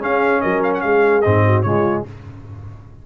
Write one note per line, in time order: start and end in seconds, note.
0.00 1.22 C#4
0.00 0.44 C#4
0.00 0.42 G#4
0.00 0.41 F5
0.41 0.84 F#3
0.41 0.83 A#4
0.41 0.62 D#5
0.63 0.74 F5
0.75 0.81 F#5
0.81 1.25 G#3
0.81 1.46 G#4
0.81 1.22 F5
1.22 1.66 G#2
1.22 1.65 C4
1.22 1.63 D#5
1.46 1.66 F#4
1.63 2.06 C#3
1.63 2.06 G#3
1.63 2.06 F4
1.63 2.03 C#5